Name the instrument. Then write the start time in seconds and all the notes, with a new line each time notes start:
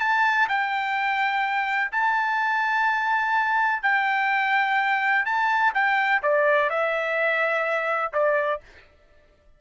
trumpet
0.00 A5
0.49 G5
1.92 A5
3.83 G5
5.26 A5
5.74 G5
6.23 D5
6.70 E5
8.13 D5